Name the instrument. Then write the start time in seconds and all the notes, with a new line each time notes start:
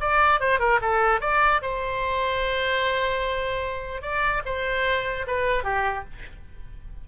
oboe
0.00 D5
0.40 C5
0.59 A#4
0.81 A4
1.21 D5
1.61 C5
4.01 D5
4.45 C5
5.27 B4
5.64 G4